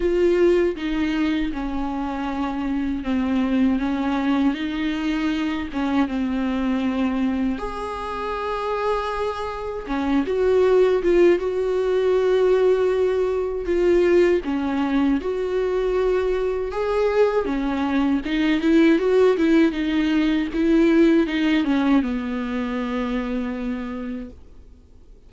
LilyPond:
\new Staff \with { instrumentName = "viola" } { \time 4/4 \tempo 4 = 79 f'4 dis'4 cis'2 | c'4 cis'4 dis'4. cis'8 | c'2 gis'2~ | gis'4 cis'8 fis'4 f'8 fis'4~ |
fis'2 f'4 cis'4 | fis'2 gis'4 cis'4 | dis'8 e'8 fis'8 e'8 dis'4 e'4 | dis'8 cis'8 b2. | }